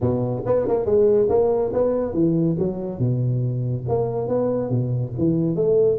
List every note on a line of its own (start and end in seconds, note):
0.00 0.43 B2
0.46 0.67 B3
0.67 0.85 A#3
0.85 1.28 G#3
1.29 1.72 A#3
1.73 2.13 B3
2.13 2.56 E3
2.59 2.98 F#3
2.98 3.84 B2
3.88 4.28 A#3
4.28 4.69 B3
4.69 5.12 B2
5.18 5.55 E3
5.55 5.98 A3